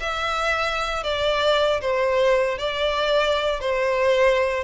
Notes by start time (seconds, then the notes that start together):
0.00 E5
1.03 D5
1.81 C5
2.58 D5
3.60 C5